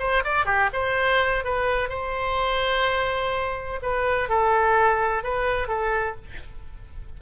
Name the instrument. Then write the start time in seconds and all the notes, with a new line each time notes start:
oboe
0.00 C5
0.25 D5
0.46 G4
0.74 C5
1.45 B4
1.90 C5
3.82 B4
4.29 A4
5.24 B4
5.68 A4